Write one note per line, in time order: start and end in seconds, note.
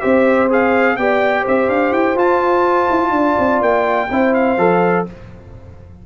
0.00 0.97 C4
0.00 0.49 G4
0.00 0.97 C5
0.00 0.48 E5
0.49 0.97 G#4
0.49 0.96 F5
0.96 1.45 B3
0.96 2.16 G4
0.96 1.42 D5
0.96 1.44 G5
1.42 1.69 C4
1.42 3.10 C5
1.48 1.69 E5
1.69 1.92 D4
1.69 1.93 F5
1.92 2.15 E4
1.92 2.17 G5
2.15 2.87 F4
2.15 4.08 F4
2.15 3.62 A5
2.90 3.11 E4
3.11 3.35 D4
3.11 4.10 D5
3.39 3.61 C4
3.61 4.09 A#3
3.61 4.34 G5
4.10 4.58 C4
4.10 4.58 E4
4.10 5.06 C5
4.34 5.06 F5
4.58 5.05 F3
4.58 5.06 A4